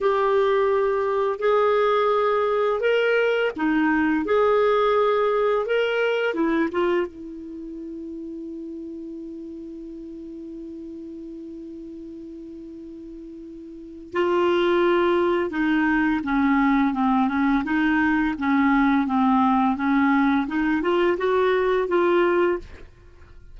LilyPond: \new Staff \with { instrumentName = "clarinet" } { \time 4/4 \tempo 4 = 85 g'2 gis'2 | ais'4 dis'4 gis'2 | ais'4 e'8 f'8 e'2~ | e'1~ |
e'1 | f'2 dis'4 cis'4 | c'8 cis'8 dis'4 cis'4 c'4 | cis'4 dis'8 f'8 fis'4 f'4 | }